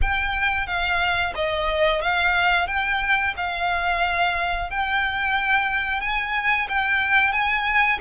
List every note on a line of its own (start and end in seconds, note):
0.01 0.66 G5
0.66 1.33 F5
1.35 2.01 D#5
2.01 2.67 F5
2.67 3.34 G5
3.37 4.70 F5
4.70 6.00 G5
6.00 6.67 G#5
6.68 7.32 G5
7.32 7.98 G#5